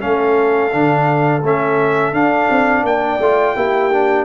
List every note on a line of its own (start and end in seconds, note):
0.00 0.73 A3
0.00 0.71 C#4
0.00 2.84 A4
0.00 1.42 F5
0.71 1.42 D3
0.71 1.42 D4
1.42 2.13 A3
1.42 2.14 C#4
1.42 2.14 E5
2.13 2.48 D4
2.13 3.19 D4
2.13 2.84 F5
2.50 2.83 C4
2.83 3.18 A#3
2.83 3.56 D5
2.83 4.25 G5
3.19 3.54 A3
3.19 3.56 F4
3.56 4.25 A#3
3.56 3.91 E4
3.56 4.25 G4
3.92 4.25 D4